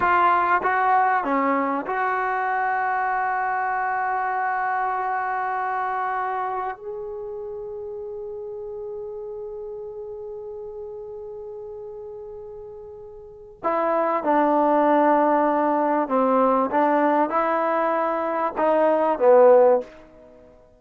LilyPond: \new Staff \with { instrumentName = "trombone" } { \time 4/4 \tempo 4 = 97 f'4 fis'4 cis'4 fis'4~ | fis'1~ | fis'2. gis'4~ | gis'1~ |
gis'1~ | gis'2 e'4 d'4~ | d'2 c'4 d'4 | e'2 dis'4 b4 | }